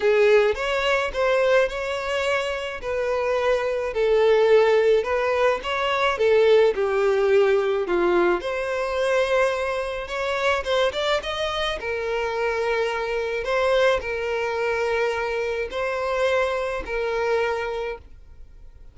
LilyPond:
\new Staff \with { instrumentName = "violin" } { \time 4/4 \tempo 4 = 107 gis'4 cis''4 c''4 cis''4~ | cis''4 b'2 a'4~ | a'4 b'4 cis''4 a'4 | g'2 f'4 c''4~ |
c''2 cis''4 c''8 d''8 | dis''4 ais'2. | c''4 ais'2. | c''2 ais'2 | }